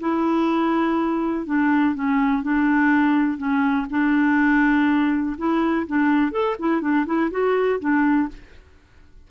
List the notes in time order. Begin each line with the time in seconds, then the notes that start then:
0.00 E4
1.46 D4
1.95 C#4
2.43 D4
3.38 C#4
3.90 D4
5.38 E4
5.87 D4
6.32 A4
6.59 E4
6.81 D4
7.06 E4
7.31 F#4
7.80 D4